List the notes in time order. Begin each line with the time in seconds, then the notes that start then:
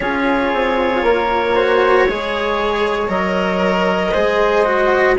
0.00 C#4 F4 G#4 C#5
0.53 C4
1.03 A#3 A#4
1.55 F#4 C5
2.08 G#3 G#4 C#5
3.08 F#3 A#4 D#5
4.12 G#3 G#4 C5
4.64 F#4